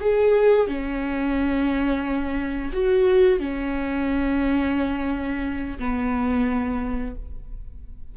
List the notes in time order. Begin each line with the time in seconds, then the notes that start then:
0.00 G#4
0.67 C#4
2.73 F#4
3.39 C#4
5.79 B3